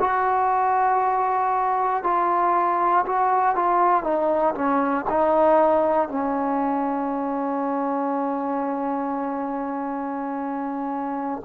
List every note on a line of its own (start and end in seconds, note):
0.00 2.03 F#4
2.04 3.06 F4
3.06 3.55 F#4
3.55 4.04 F4
4.04 4.54 D#4
4.55 5.06 C#4
5.10 6.09 D#4
6.09 11.43 C#4